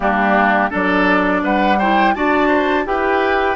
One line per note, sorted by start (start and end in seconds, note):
0.00 0.69 G3
0.00 0.70 A#3
0.00 0.70 D4
0.00 0.71 G4
0.70 1.43 F#3
0.70 1.77 D4
0.70 1.41 A4
0.70 1.44 D5
1.43 2.15 G3
1.43 1.78 B4
1.43 1.79 F#5
1.78 2.15 E4
1.78 2.14 C5
1.78 2.14 G5
2.14 2.86 D4
2.14 2.85 F#4
2.14 2.48 D5
2.14 2.85 A5
2.48 2.83 C5
2.85 3.56 E4
2.85 3.56 G4
2.85 3.56 B4
2.85 3.56 G5